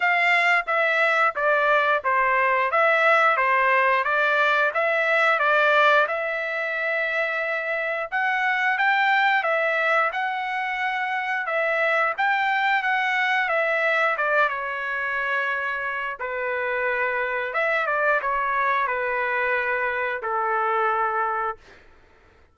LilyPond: \new Staff \with { instrumentName = "trumpet" } { \time 4/4 \tempo 4 = 89 f''4 e''4 d''4 c''4 | e''4 c''4 d''4 e''4 | d''4 e''2. | fis''4 g''4 e''4 fis''4~ |
fis''4 e''4 g''4 fis''4 | e''4 d''8 cis''2~ cis''8 | b'2 e''8 d''8 cis''4 | b'2 a'2 | }